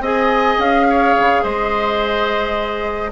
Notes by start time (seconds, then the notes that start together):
0.00 C4 G#4 D#5 G#5
0.58 C#4 F5
0.89 C#5
1.19 C#3
1.42 G#3 C5 D#5